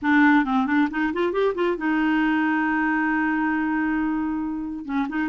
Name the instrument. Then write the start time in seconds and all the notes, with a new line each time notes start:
clarinet
0.02 D4
0.45 C4
0.66 D4
0.90 D#4
1.13 F4
1.32 G4
1.55 F4
1.77 D#4
4.85 C#4
5.09 D#4